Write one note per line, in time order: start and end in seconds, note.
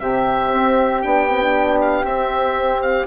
0.00 0.52 C3
0.00 1.03 C4
0.00 3.07 G4
0.00 1.02 E5
0.53 1.05 C4
1.02 2.04 B3
1.02 1.29 D4
1.02 1.79 G5
1.29 1.41 C4
1.41 2.05 D4
1.82 2.06 F5
2.04 3.07 C4
2.04 2.82 E5
2.82 3.07 F5